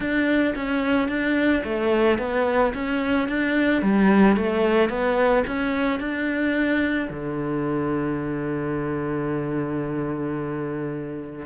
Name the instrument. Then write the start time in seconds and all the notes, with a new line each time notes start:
cello
0.00 D4
0.55 C#4
1.08 D4
1.64 A3
2.18 B3
2.73 C#4
3.28 D4
3.82 G3
4.36 A3
4.89 B3
5.47 C#4
5.99 D4
7.10 D3